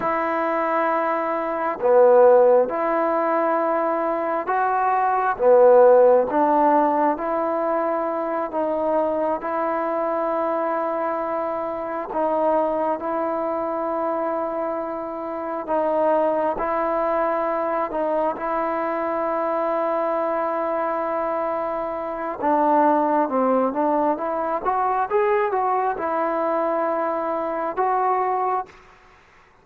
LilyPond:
\new Staff \with { instrumentName = "trombone" } { \time 4/4 \tempo 4 = 67 e'2 b4 e'4~ | e'4 fis'4 b4 d'4 | e'4. dis'4 e'4.~ | e'4. dis'4 e'4.~ |
e'4. dis'4 e'4. | dis'8 e'2.~ e'8~ | e'4 d'4 c'8 d'8 e'8 fis'8 | gis'8 fis'8 e'2 fis'4 | }